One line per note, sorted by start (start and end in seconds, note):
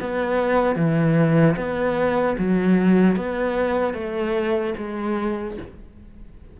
0.00 0.75 B3
0.75 1.55 E3
1.56 2.36 B3
2.38 3.16 F#3
3.16 3.93 B3
3.93 4.73 A3
4.77 5.57 G#3